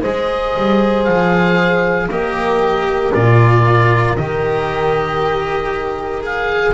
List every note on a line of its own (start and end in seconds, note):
0.00 0.56 G#3
0.00 2.09 G#4
0.00 2.07 C5
0.00 1.04 D#5
0.56 1.08 G3
1.04 2.09 F3
1.04 2.08 F5
2.09 3.12 A#3
2.09 3.13 G4
2.09 6.74 A#4
2.09 3.14 D#5
3.13 4.18 A#2
3.13 4.16 F4
3.13 4.16 D5
4.16 6.74 D#3
4.16 6.22 G4
4.16 6.23 D#5
6.22 6.73 G#4
6.22 6.74 F5